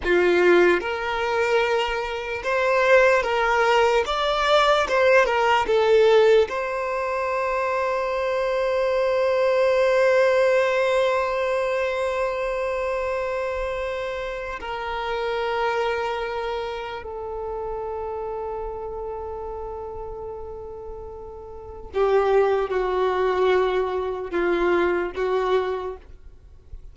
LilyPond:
\new Staff \with { instrumentName = "violin" } { \time 4/4 \tempo 4 = 74 f'4 ais'2 c''4 | ais'4 d''4 c''8 ais'8 a'4 | c''1~ | c''1~ |
c''2 ais'2~ | ais'4 a'2.~ | a'2. g'4 | fis'2 f'4 fis'4 | }